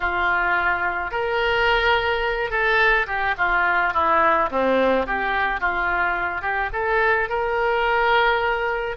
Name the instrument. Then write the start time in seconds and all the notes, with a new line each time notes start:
oboe
0.00 F4
1.11 A#4
2.50 A4
3.06 G4
3.37 F4
3.93 E4
4.50 C4
5.06 G4
5.60 F4
6.41 G4
6.73 A4
7.29 A#4